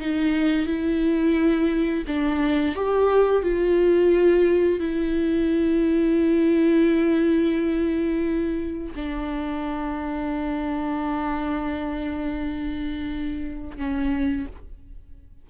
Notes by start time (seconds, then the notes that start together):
0.00 D#4
0.66 E4
2.08 D4
2.75 G4
3.43 F4
4.80 E4
8.95 D4
13.77 C#4